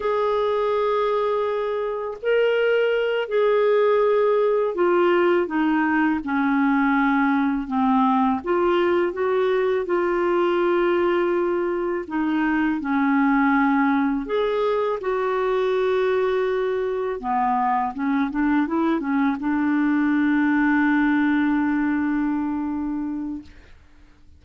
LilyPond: \new Staff \with { instrumentName = "clarinet" } { \time 4/4 \tempo 4 = 82 gis'2. ais'4~ | ais'8 gis'2 f'4 dis'8~ | dis'8 cis'2 c'4 f'8~ | f'8 fis'4 f'2~ f'8~ |
f'8 dis'4 cis'2 gis'8~ | gis'8 fis'2. b8~ | b8 cis'8 d'8 e'8 cis'8 d'4.~ | d'1 | }